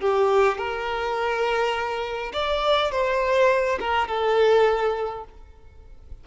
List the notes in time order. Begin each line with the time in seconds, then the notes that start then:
0.00 G4
0.57 A#4
2.33 D5
2.91 C5
3.79 A#4
4.08 A4